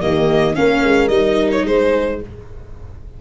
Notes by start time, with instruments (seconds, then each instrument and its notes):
0.00 tuba D#3, viola A#3, horn G4, violin D#5
0.54 tuba A#3, viola C#4, horn A#4, violin F5
0.83 tuba G#3
1.08 tuba G3, viola D#4, violin D#5
1.51 violin C#5
1.65 tuba G#3, horn G#4, violin C5